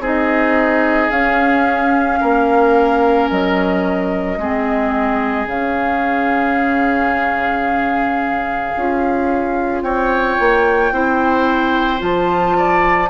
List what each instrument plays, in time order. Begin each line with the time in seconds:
0.00 bassoon C4, clarinet D#4, oboe G#4, flute D#5
1.11 clarinet C#4, bassoon C#4, flute F5
2.21 bassoon A#3, oboe A#4
3.30 bassoon F#3, flute D#5
4.38 bassoon G#3, clarinet C4, oboe G#4
5.47 bassoon C#3, clarinet C#4, flute F5
8.76 bassoon C#4, clarinet F4
9.83 bassoon C4, oboe C#5, flute G5
10.40 bassoon A#3
10.92 bassoon C4, clarinet E4, oboe C5
11.99 bassoon F3, clarinet F4, flute A5
12.58 oboe D5